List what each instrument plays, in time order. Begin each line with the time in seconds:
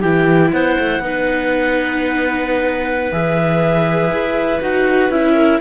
0.00 cello E3, viola E4, clarinet G4 G5
0.53 cello B3, clarinet C5 F#5
0.79 cello A3
0.99 cello B3, viola D#4, clarinet B4
3.12 cello E3, viola G#4, clarinet E5
4.11 cello E4
4.61 cello D#4, viola F#4, clarinet F#5
5.09 cello C#4, viola E4, clarinet E5
5.35 clarinet A#4